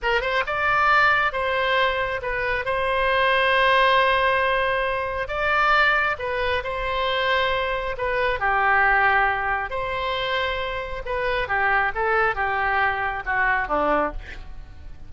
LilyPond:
\new Staff \with { instrumentName = "oboe" } { \time 4/4 \tempo 4 = 136 ais'8 c''8 d''2 c''4~ | c''4 b'4 c''2~ | c''1 | d''2 b'4 c''4~ |
c''2 b'4 g'4~ | g'2 c''2~ | c''4 b'4 g'4 a'4 | g'2 fis'4 d'4 | }